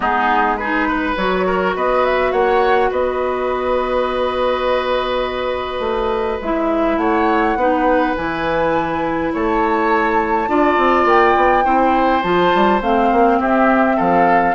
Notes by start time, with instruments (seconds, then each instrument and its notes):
0.00 bassoon G#3, clarinet B3, oboe D#4, flute G#4
0.56 clarinet D#4, oboe G#4, flute B4
0.88 oboe B4
1.16 bassoon F#3, clarinet F#4, flute C#5
1.46 oboe A#4
1.75 bassoon B3, oboe B4, flute D#5
2.04 flute E5
2.31 bassoon A#3, oboe C#5, flute F#5
2.90 bassoon B3, oboe B4, flute D#5
5.79 bassoon A3
6.41 bassoon G#3, clarinet E4, flute E5
6.97 bassoon A3, oboe C#5, flute F#5
7.55 bassoon B3, clarinet D#4, oboe B4
8.16 bassoon E3, clarinet E4, flute G#5
9.33 bassoon A3, oboe C#5, flute A5
10.47 bassoon D4, clarinet F4, oboe D5
10.77 bassoon C4
11.05 bassoon A#3, flute G5
11.35 bassoon B3
11.63 bassoon C4, clarinet E4, oboe C5
12.22 bassoon F3, clarinet F4, flute A5
12.54 bassoon G3
12.81 bassoon A3, clarinet C4, flute F5
13.11 bassoon A#3
13.39 bassoon C4, oboe G4, flute E5
13.96 bassoon F3, oboe A4, flute F5